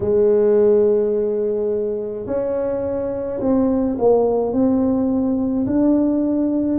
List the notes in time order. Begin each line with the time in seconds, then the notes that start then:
0.00 G#3
2.26 C#4
3.40 C4
3.98 A#3
4.52 C4
5.66 D4